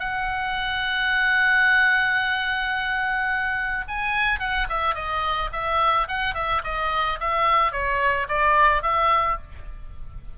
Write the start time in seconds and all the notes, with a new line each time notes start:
0.00 F#5
3.88 G#5
4.40 F#5
4.70 E5
4.95 D#5
5.53 E5
6.09 F#5
6.35 E5
6.65 D#5
7.20 E5
7.73 C#5
8.29 D5
8.83 E5